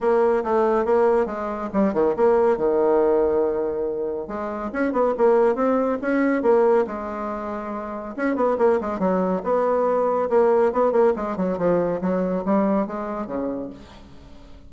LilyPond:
\new Staff \with { instrumentName = "bassoon" } { \time 4/4 \tempo 4 = 140 ais4 a4 ais4 gis4 | g8 dis8 ais4 dis2~ | dis2 gis4 cis'8 b8 | ais4 c'4 cis'4 ais4 |
gis2. cis'8 b8 | ais8 gis8 fis4 b2 | ais4 b8 ais8 gis8 fis8 f4 | fis4 g4 gis4 cis4 | }